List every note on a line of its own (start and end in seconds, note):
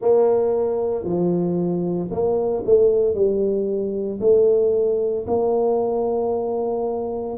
0.00 1.04 A#3
1.04 2.10 F3
2.11 2.63 A#3
2.66 3.14 A3
3.14 4.19 G3
4.20 5.25 A3
5.27 7.37 A#3